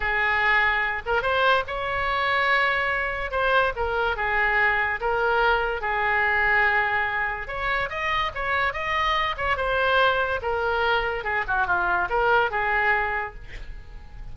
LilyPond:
\new Staff \with { instrumentName = "oboe" } { \time 4/4 \tempo 4 = 144 gis'2~ gis'8 ais'8 c''4 | cis''1 | c''4 ais'4 gis'2 | ais'2 gis'2~ |
gis'2 cis''4 dis''4 | cis''4 dis''4. cis''8 c''4~ | c''4 ais'2 gis'8 fis'8 | f'4 ais'4 gis'2 | }